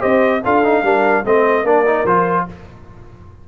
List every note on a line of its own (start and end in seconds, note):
0.00 0.45 C4
0.00 0.41 G4
0.00 0.41 C5
0.00 0.42 D#5
0.44 0.83 D4
0.44 0.64 F4
0.44 0.84 A4
0.44 1.26 F5
0.64 0.84 D#4
0.83 1.23 G3
0.83 1.25 D4
0.83 1.25 A#4
1.25 1.64 A3
1.25 1.65 C4
1.25 1.64 C5
1.25 1.66 D#5
1.64 2.04 A#3
1.64 1.85 D4
1.64 2.45 A#4
1.64 2.06 D5
1.86 2.07 D#4
2.04 2.45 F3
2.04 2.48 F4
2.04 2.47 C5